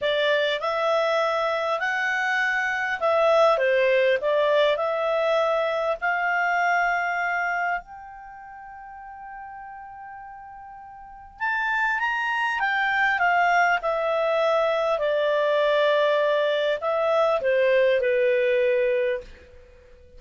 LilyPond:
\new Staff \with { instrumentName = "clarinet" } { \time 4/4 \tempo 4 = 100 d''4 e''2 fis''4~ | fis''4 e''4 c''4 d''4 | e''2 f''2~ | f''4 g''2.~ |
g''2. a''4 | ais''4 g''4 f''4 e''4~ | e''4 d''2. | e''4 c''4 b'2 | }